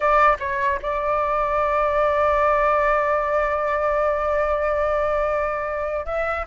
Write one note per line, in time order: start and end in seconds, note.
0.00 0.36 D5
0.39 0.79 C#5
0.82 6.05 D5
6.05 6.46 E5